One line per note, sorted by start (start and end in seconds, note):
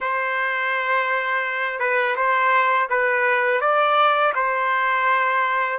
0.00 1.79 C5
1.79 2.15 B4
2.16 2.88 C5
2.89 3.60 B4
3.60 4.33 D5
4.34 5.78 C5